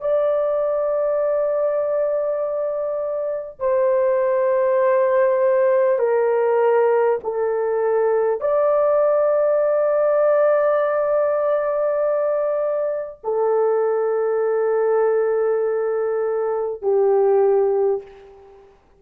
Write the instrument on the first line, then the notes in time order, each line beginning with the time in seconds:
horn
0.00 D5
3.59 C5
5.98 A#4
7.23 A4
8.40 D5
13.23 A4
16.82 G4